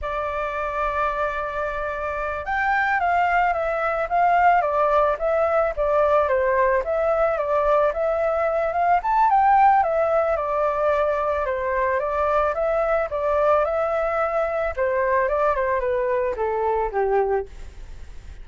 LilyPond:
\new Staff \with { instrumentName = "flute" } { \time 4/4 \tempo 4 = 110 d''1~ | d''8 g''4 f''4 e''4 f''8~ | f''8 d''4 e''4 d''4 c''8~ | c''8 e''4 d''4 e''4. |
f''8 a''8 g''4 e''4 d''4~ | d''4 c''4 d''4 e''4 | d''4 e''2 c''4 | d''8 c''8 b'4 a'4 g'4 | }